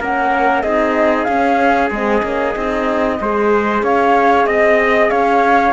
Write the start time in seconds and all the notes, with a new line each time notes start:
0.00 A#3 C#4 A#4 F#5
0.62 C4 D#4 G#4 D#5
1.24 C#4 F5
1.90 G#3 C4 D#5
2.22 A#3 C#4
2.56 C4 D#4
3.21 G#3 G#4 C5
3.82 C#4 C#5 F5
4.46 C4 D#5
5.10 C#4 C#5 F5